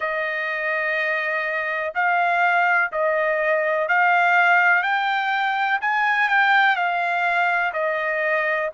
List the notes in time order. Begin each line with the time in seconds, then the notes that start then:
0.00 D#5
1.94 F5
2.92 D#5
3.88 F5
4.82 G5
5.81 G#5
6.29 G5
6.75 F5
7.73 D#5